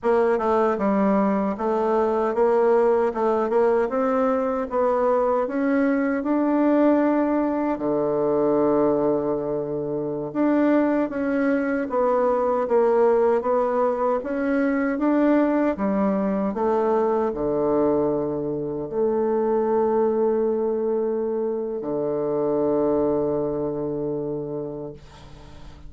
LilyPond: \new Staff \with { instrumentName = "bassoon" } { \time 4/4 \tempo 4 = 77 ais8 a8 g4 a4 ais4 | a8 ais8 c'4 b4 cis'4 | d'2 d2~ | d4~ d16 d'4 cis'4 b8.~ |
b16 ais4 b4 cis'4 d'8.~ | d'16 g4 a4 d4.~ d16~ | d16 a2.~ a8. | d1 | }